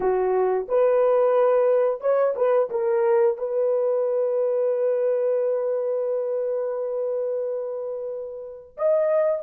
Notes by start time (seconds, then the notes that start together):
0.00 F#4
0.68 B4
2.00 C#5
2.36 B4
2.70 A#4
3.37 B4
8.77 D#5